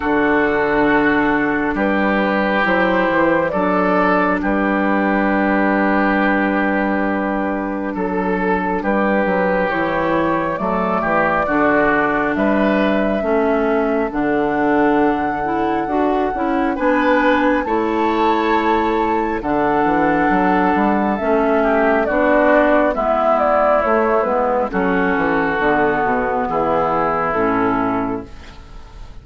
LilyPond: <<
  \new Staff \with { instrumentName = "flute" } { \time 4/4 \tempo 4 = 68 a'2 b'4 c''4 | d''4 b'2.~ | b'4 a'4 b'4 cis''4 | d''2 e''2 |
fis''2. gis''4 | a''2 fis''2 | e''4 d''4 e''8 d''8 cis''8 b'8 | a'2 gis'4 a'4 | }
  \new Staff \with { instrumentName = "oboe" } { \time 4/4 fis'2 g'2 | a'4 g'2.~ | g'4 a'4 g'2 | a'8 g'8 fis'4 b'4 a'4~ |
a'2. b'4 | cis''2 a'2~ | a'8 g'8 fis'4 e'2 | fis'2 e'2 | }
  \new Staff \with { instrumentName = "clarinet" } { \time 4/4 d'2. e'4 | d'1~ | d'2. e'4 | a4 d'2 cis'4 |
d'4. e'8 fis'8 e'8 d'4 | e'2 d'2 | cis'4 d'4 b4 a8 b8 | cis'4 b2 cis'4 | }
  \new Staff \with { instrumentName = "bassoon" } { \time 4/4 d2 g4 fis8 e8 | fis4 g2.~ | g4 fis4 g8 fis8 e4 | fis8 e8 d4 g4 a4 |
d2 d'8 cis'8 b4 | a2 d8 e8 fis8 g8 | a4 b4 gis4 a8 gis8 | fis8 e8 d8 b,8 e4 a,4 | }
>>